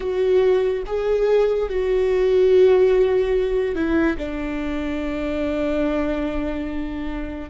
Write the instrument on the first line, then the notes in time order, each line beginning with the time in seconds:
viola
0.00 F#4
0.86 G#4
1.69 F#4
3.75 E4
4.17 D4